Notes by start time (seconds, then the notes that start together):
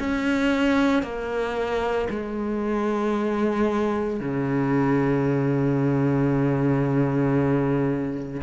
0.00 C#4
1.03 A#3
2.11 G#3
4.21 C#3